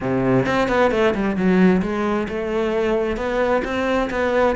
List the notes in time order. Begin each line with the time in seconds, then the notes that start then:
0.00 C3
0.46 C4
0.68 B3
0.91 A3
1.14 G3
1.36 F#3
1.82 G#3
2.28 A3
3.16 B3
3.64 C4
4.10 B3